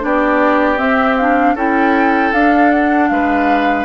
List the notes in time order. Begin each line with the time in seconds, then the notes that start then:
0.00 B3 D4 G4 D5
0.77 C4 E5
1.17 D4 F5
1.54 C#4 E4 A4 G5
2.33 D4 F5
2.71 F#5
3.08 G#3 B4 F5